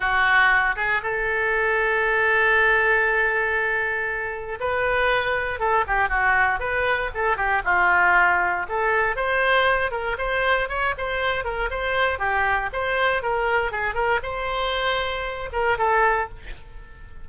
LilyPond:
\new Staff \with { instrumentName = "oboe" } { \time 4/4 \tempo 4 = 118 fis'4. gis'8 a'2~ | a'1~ | a'4 b'2 a'8 g'8 | fis'4 b'4 a'8 g'8 f'4~ |
f'4 a'4 c''4. ais'8 | c''4 cis''8 c''4 ais'8 c''4 | g'4 c''4 ais'4 gis'8 ais'8 | c''2~ c''8 ais'8 a'4 | }